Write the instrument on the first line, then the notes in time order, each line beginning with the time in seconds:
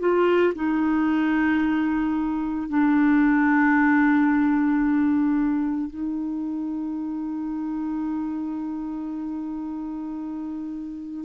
clarinet
0.00 F4
0.55 D#4
2.69 D4
5.89 D#4